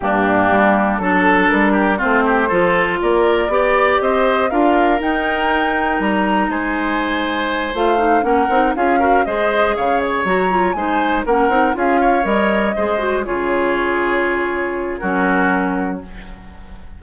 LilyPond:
<<
  \new Staff \with { instrumentName = "flute" } { \time 4/4 \tempo 4 = 120 g'2 a'4 ais'4 | c''2 d''2 | dis''4 f''4 g''2 | ais''4 gis''2~ gis''8 f''8~ |
f''8 fis''4 f''4 dis''4 f''8 | cis''8 ais''4 gis''4 fis''4 f''8~ | f''8 dis''2 cis''4.~ | cis''2 ais'2 | }
  \new Staff \with { instrumentName = "oboe" } { \time 4/4 d'2 a'4. g'8 | f'8 g'8 a'4 ais'4 d''4 | c''4 ais'2.~ | ais'4 c''2.~ |
c''8 ais'4 gis'8 ais'8 c''4 cis''8~ | cis''4. c''4 ais'4 gis'8 | cis''4. c''4 gis'4.~ | gis'2 fis'2 | }
  \new Staff \with { instrumentName = "clarinet" } { \time 4/4 ais2 d'2 | c'4 f'2 g'4~ | g'4 f'4 dis'2~ | dis'2.~ dis'8 f'8 |
dis'8 cis'8 dis'8 f'8 fis'8 gis'4.~ | gis'8 fis'8 f'8 dis'4 cis'8 dis'8 f'8~ | f'8 ais'4 gis'8 fis'8 f'4.~ | f'2 cis'2 | }
  \new Staff \with { instrumentName = "bassoon" } { \time 4/4 g,4 g4 fis4 g4 | a4 f4 ais4 b4 | c'4 d'4 dis'2 | g4 gis2~ gis8 a8~ |
a8 ais8 c'8 cis'4 gis4 cis8~ | cis8 fis4 gis4 ais8 c'8 cis'8~ | cis'8 g4 gis4 cis4.~ | cis2 fis2 | }
>>